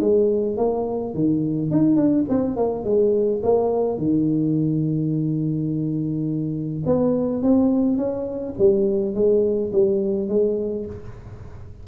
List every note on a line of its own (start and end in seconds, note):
0.00 0.57 G#3
0.57 1.14 A#3
1.14 1.71 D#3
1.71 1.96 D#4
1.96 2.24 D4
2.29 2.56 C4
2.56 2.84 A#3
2.84 3.41 G#3
3.43 3.97 A#3
3.97 6.83 D#3
6.85 7.43 B3
7.43 7.97 C4
7.97 8.54 C#4
8.58 9.14 G3
9.14 9.71 G#3
9.72 10.29 G3
10.29 10.86 G#3